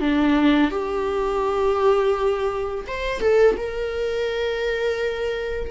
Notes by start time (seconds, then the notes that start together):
0.00 D4
0.71 G4
2.87 C5
3.20 A4
3.57 A#4